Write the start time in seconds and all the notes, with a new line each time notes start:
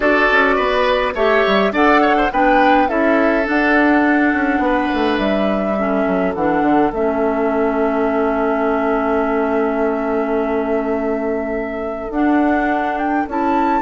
0.00 D4 F#4 A4 D5
0.31 C#4
0.55 B3 B4
1.14 A3 G4 C#5 E5
1.47 G3
1.72 D4 A4 D5 F#5
2.01 C#5
2.17 C5
2.32 B3 D4 B4 G5
2.88 C#4 E4 A4 E5
3.43 D4 F#5
4.33 C#4
4.59 B3 B4
4.93 A3
5.17 G3 E5
5.78 C#4 A4
6.06 F#3
6.34 E3 D4 F#5
6.61 D3
6.92 A3 C#4 E5
12.09 D4 F#5
12.98 G5
13.28 C#4 E4 A5